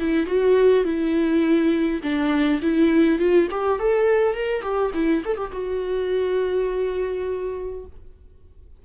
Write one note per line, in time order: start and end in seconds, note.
0.00 0.26 E4
0.26 0.85 F#4
0.85 2.02 E4
2.03 2.61 D4
2.62 3.19 E4
3.19 3.48 F4
3.51 3.80 G4
3.80 4.35 A4
4.35 4.63 A#4
4.63 4.92 G4
4.95 5.24 E4
5.26 5.37 A4
5.37 5.52 G4
5.53 7.86 F#4